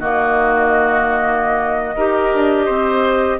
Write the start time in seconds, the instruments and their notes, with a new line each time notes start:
0.00 bassoon D#3, clarinet A#3, oboe F#4, flute D#5
1.96 bassoon D#4, clarinet G4, oboe A#4
2.34 bassoon D4
2.65 bassoon C4, oboe C5